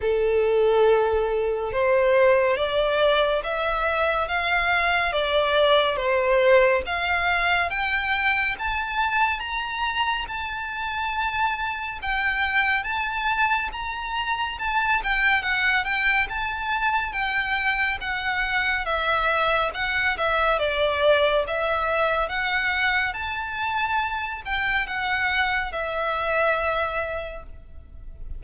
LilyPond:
\new Staff \with { instrumentName = "violin" } { \time 4/4 \tempo 4 = 70 a'2 c''4 d''4 | e''4 f''4 d''4 c''4 | f''4 g''4 a''4 ais''4 | a''2 g''4 a''4 |
ais''4 a''8 g''8 fis''8 g''8 a''4 | g''4 fis''4 e''4 fis''8 e''8 | d''4 e''4 fis''4 a''4~ | a''8 g''8 fis''4 e''2 | }